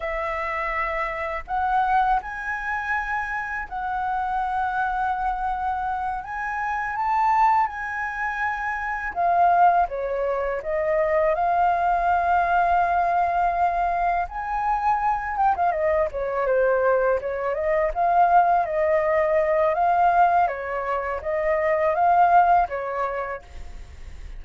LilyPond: \new Staff \with { instrumentName = "flute" } { \time 4/4 \tempo 4 = 82 e''2 fis''4 gis''4~ | gis''4 fis''2.~ | fis''8 gis''4 a''4 gis''4.~ | gis''8 f''4 cis''4 dis''4 f''8~ |
f''2.~ f''8 gis''8~ | gis''4 g''16 f''16 dis''8 cis''8 c''4 cis''8 | dis''8 f''4 dis''4. f''4 | cis''4 dis''4 f''4 cis''4 | }